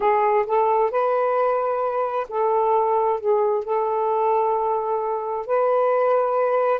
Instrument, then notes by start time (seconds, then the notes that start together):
saxophone
0.00 G#4
0.46 A4
0.90 B4
2.29 A4
3.20 G#4
3.64 A4
5.46 B4